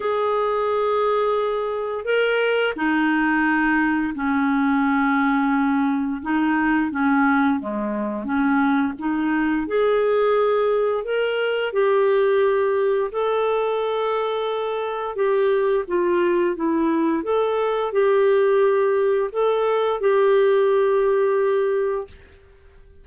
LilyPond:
\new Staff \with { instrumentName = "clarinet" } { \time 4/4 \tempo 4 = 87 gis'2. ais'4 | dis'2 cis'2~ | cis'4 dis'4 cis'4 gis4 | cis'4 dis'4 gis'2 |
ais'4 g'2 a'4~ | a'2 g'4 f'4 | e'4 a'4 g'2 | a'4 g'2. | }